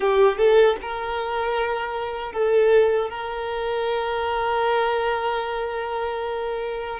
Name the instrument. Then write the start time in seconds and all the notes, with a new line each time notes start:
violin
0.00 G4
0.37 A4
0.81 A#4
2.32 A4
3.10 A#4